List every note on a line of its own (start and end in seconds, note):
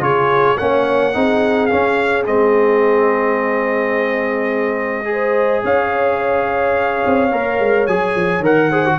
0.00 0.56 C#3
0.00 0.57 F4
0.00 0.59 G#4
0.00 0.58 C#5
0.58 1.16 A#3
0.58 1.14 C#4
0.58 1.15 C#5
0.58 1.67 F#5
1.14 1.72 C4
1.14 1.70 D#4
1.14 5.08 G#4
1.67 2.25 C#4
1.67 2.27 C#4
1.67 2.23 F5
2.25 5.63 G#3
2.25 5.05 C4
2.25 5.64 D#5
5.05 7.29 G#4
5.12 5.64 C5
5.64 7.04 C#4
5.64 8.70 C#5
5.64 7.87 F5
7.06 7.33 C4
7.32 7.60 A#3
7.32 7.88 A#4
7.60 7.87 G#3
7.87 8.15 F#3
7.87 8.44 G#4
7.87 8.43 G#5
8.16 8.40 F3
8.40 8.96 D#3
8.40 8.72 A#4
8.40 9.00 F#5
8.70 8.86 G#4
8.70 8.98 C5
8.86 9.00 F#4